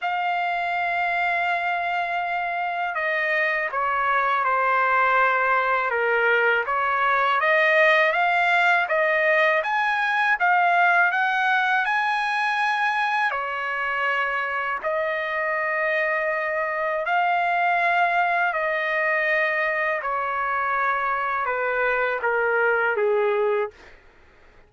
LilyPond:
\new Staff \with { instrumentName = "trumpet" } { \time 4/4 \tempo 4 = 81 f''1 | dis''4 cis''4 c''2 | ais'4 cis''4 dis''4 f''4 | dis''4 gis''4 f''4 fis''4 |
gis''2 cis''2 | dis''2. f''4~ | f''4 dis''2 cis''4~ | cis''4 b'4 ais'4 gis'4 | }